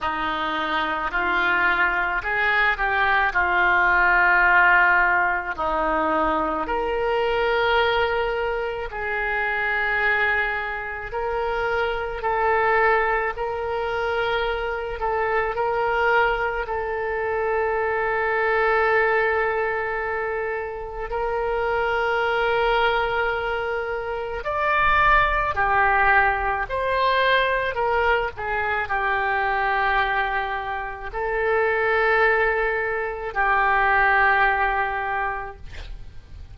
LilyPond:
\new Staff \with { instrumentName = "oboe" } { \time 4/4 \tempo 4 = 54 dis'4 f'4 gis'8 g'8 f'4~ | f'4 dis'4 ais'2 | gis'2 ais'4 a'4 | ais'4. a'8 ais'4 a'4~ |
a'2. ais'4~ | ais'2 d''4 g'4 | c''4 ais'8 gis'8 g'2 | a'2 g'2 | }